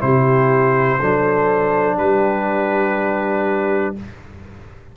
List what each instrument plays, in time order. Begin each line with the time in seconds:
0.00 tuba C3, trombone E4, horn G4, trumpet C5
1.00 tuba F#3, trombone D4, horn A4
1.97 tuba G3, horn G4, trumpet B4